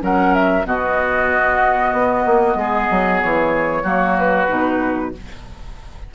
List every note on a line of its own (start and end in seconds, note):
0.00 0.66 F#3
0.00 0.64 C#4
0.00 0.67 A#4
0.00 0.34 F#5
0.34 0.66 E5
0.66 1.93 B2
0.66 3.84 B3
0.66 2.59 F#4
0.66 3.22 D#5
1.93 2.25 B3
2.26 2.56 A#3
2.56 2.88 G#3
2.56 3.83 G#4
2.91 3.23 F#3
3.22 3.84 E3
3.22 4.18 C#5
3.83 4.48 F#3
3.83 4.48 A#3
3.83 5.11 F#4
4.19 5.15 B4
4.49 5.14 B2
4.49 5.12 D#4